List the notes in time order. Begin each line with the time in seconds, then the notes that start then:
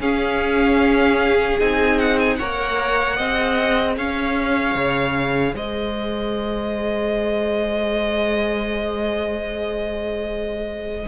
0.00 C#4 G#4 F5
1.60 C4 D#4 G#5
1.99 F#5
2.19 G#5
2.36 A#3 A#4 C#5 F#5
3.16 C4 G#4 D#5
3.98 C#4 C#5 F5
4.75 C#3
5.54 G#3 C5 D#5